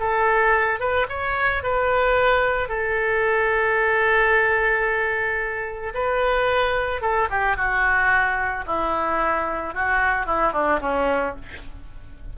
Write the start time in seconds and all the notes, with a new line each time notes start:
0.00 A4
0.80 B4
1.09 C#5
1.63 B4
2.69 A4
5.94 B4
7.01 A4
7.30 G4
7.57 F#4
8.67 E4
9.74 F#4
10.26 E4
10.53 D4
10.81 C#4